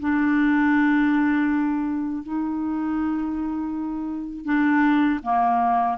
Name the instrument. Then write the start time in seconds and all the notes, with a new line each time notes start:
clarinet
0.00 D4
2.23 D#4
4.45 D4
5.23 A#3